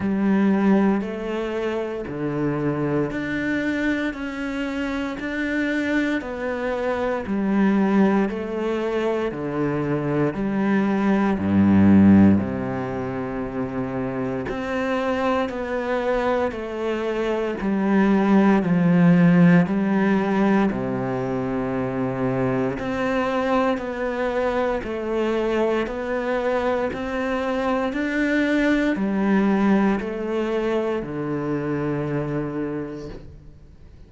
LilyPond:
\new Staff \with { instrumentName = "cello" } { \time 4/4 \tempo 4 = 58 g4 a4 d4 d'4 | cis'4 d'4 b4 g4 | a4 d4 g4 g,4 | c2 c'4 b4 |
a4 g4 f4 g4 | c2 c'4 b4 | a4 b4 c'4 d'4 | g4 a4 d2 | }